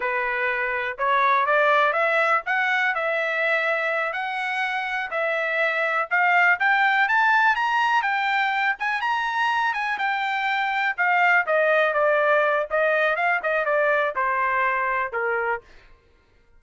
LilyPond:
\new Staff \with { instrumentName = "trumpet" } { \time 4/4 \tempo 4 = 123 b'2 cis''4 d''4 | e''4 fis''4 e''2~ | e''8 fis''2 e''4.~ | e''8 f''4 g''4 a''4 ais''8~ |
ais''8 g''4. gis''8 ais''4. | gis''8 g''2 f''4 dis''8~ | dis''8 d''4. dis''4 f''8 dis''8 | d''4 c''2 ais'4 | }